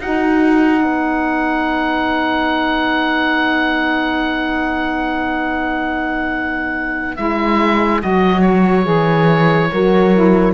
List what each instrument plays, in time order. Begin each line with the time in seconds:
0.00 cello D#4, saxophone D#4, horn F#4, oboe F#5
0.83 cello B3, horn B4
7.17 cello G#3, saxophone E4, oboe E5
8.01 cello F#3, saxophone F#4, oboe D#5
8.42 oboe C#5
8.84 cello E3, saxophone G#4
9.72 cello F#3, saxophone F#4, horn A#4
10.15 saxophone E4